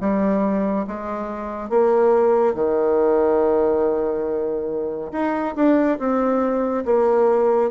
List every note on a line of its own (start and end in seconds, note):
0.00 0.86 G3
0.87 1.69 G#3
1.69 2.54 A#3
2.54 5.11 D#3
5.12 5.54 D#4
5.56 5.98 D4
5.99 6.85 C4
6.85 7.71 A#3